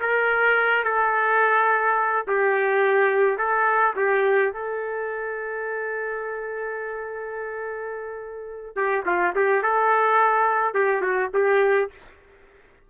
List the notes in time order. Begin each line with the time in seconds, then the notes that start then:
0.00 A#4
0.84 A4
2.27 G4
3.37 A4
3.96 G4
4.53 A4
8.75 G4
9.06 F4
9.35 G4
9.62 A4
10.74 G4
11.01 F#4
11.33 G4